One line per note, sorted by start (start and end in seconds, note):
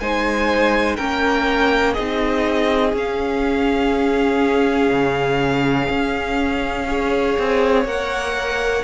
0.00 0.99 G#3
0.00 0.98 D#4
0.00 0.97 C5
0.00 0.97 G#5
0.97 1.97 A#3
0.97 1.96 C#4
0.97 1.93 A#4
0.97 1.94 G5
1.93 2.93 C4
1.93 2.96 D#4
1.93 6.85 G#4
1.93 2.92 D#5
2.93 4.90 C#4
2.93 6.88 C#4
2.93 7.86 F5
4.90 5.89 C#3
5.90 7.37 C#4
6.88 7.86 G#4
6.88 8.84 C#5
7.39 7.85 C4
7.85 8.83 A#3
7.85 8.84 A#4
7.85 8.84 F#5